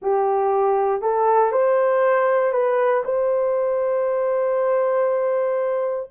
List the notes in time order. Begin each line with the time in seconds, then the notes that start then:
0.02 G4
1.01 A4
1.52 C5
2.52 B4
3.04 C5